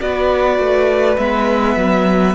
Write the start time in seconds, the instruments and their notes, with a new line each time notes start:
0.00 cello B3, viola F#4, violin B4 D5
0.58 cello A3
1.18 cello G#3, viola B3, violin E5
1.76 cello F#3